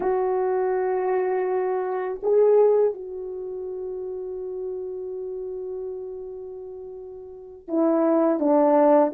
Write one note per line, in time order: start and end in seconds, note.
0.00 2.20 F#4
2.23 2.94 G#4
2.94 7.68 F#4
7.68 8.39 E4
8.39 9.12 D4